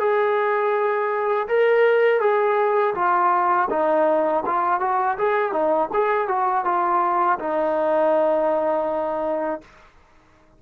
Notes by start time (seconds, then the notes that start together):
0.00 G#4
1.48 A#4
2.21 G#4
2.95 F4
3.70 D#4
4.46 F4
4.81 F#4
5.18 G#4
5.53 D#4
5.94 G#4
6.29 F#4
6.65 F4
7.39 D#4